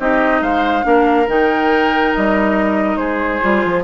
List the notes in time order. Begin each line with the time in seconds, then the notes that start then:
0.00 C4 D#4 G4 D#5
0.42 G#3 C5 F5
0.83 A#3 D4 A#4
1.28 D#3 D#4 G5
2.15 G3 D#5
2.97 G#3 G#4 C5
3.42 G3 F4
3.65 F3